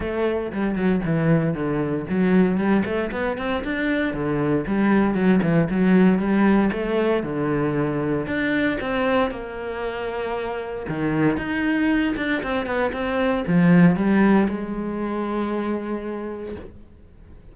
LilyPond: \new Staff \with { instrumentName = "cello" } { \time 4/4 \tempo 4 = 116 a4 g8 fis8 e4 d4 | fis4 g8 a8 b8 c'8 d'4 | d4 g4 fis8 e8 fis4 | g4 a4 d2 |
d'4 c'4 ais2~ | ais4 dis4 dis'4. d'8 | c'8 b8 c'4 f4 g4 | gis1 | }